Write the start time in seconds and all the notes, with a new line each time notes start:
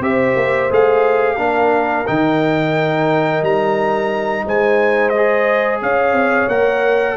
0.00 C4 G4 C5 E5
0.36 A#3
0.70 A3 G#4 F5
1.37 A#3 D4 A#4
2.07 D#3 D#4 G5
3.42 G3 A#5
4.46 G#3 C5 G#5
5.10 D#5
5.16 G#4
5.82 C#4 C#5 F5
6.13 C4
6.48 A#3 A#4 F#5